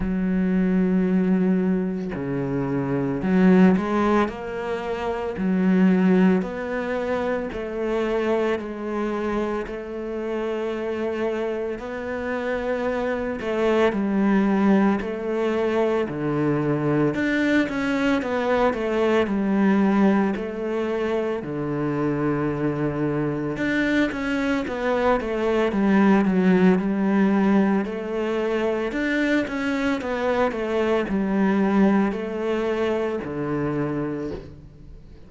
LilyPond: \new Staff \with { instrumentName = "cello" } { \time 4/4 \tempo 4 = 56 fis2 cis4 fis8 gis8 | ais4 fis4 b4 a4 | gis4 a2 b4~ | b8 a8 g4 a4 d4 |
d'8 cis'8 b8 a8 g4 a4 | d2 d'8 cis'8 b8 a8 | g8 fis8 g4 a4 d'8 cis'8 | b8 a8 g4 a4 d4 | }